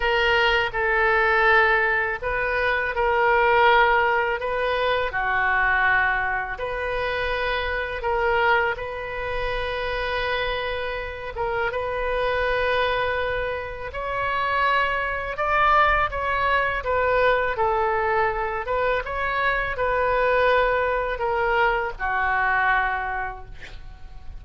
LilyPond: \new Staff \with { instrumentName = "oboe" } { \time 4/4 \tempo 4 = 82 ais'4 a'2 b'4 | ais'2 b'4 fis'4~ | fis'4 b'2 ais'4 | b'2.~ b'8 ais'8 |
b'2. cis''4~ | cis''4 d''4 cis''4 b'4 | a'4. b'8 cis''4 b'4~ | b'4 ais'4 fis'2 | }